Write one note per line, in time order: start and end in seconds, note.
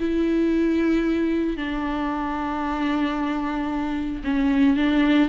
0.00 1.57 E4
1.57 4.23 D4
4.24 4.77 C#4
4.77 5.29 D4